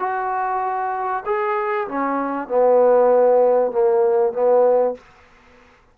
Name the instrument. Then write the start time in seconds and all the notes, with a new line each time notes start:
trombone
0.00 F#4
1.26 G#4
1.88 C#4
2.48 B3
3.72 A#3
4.33 B3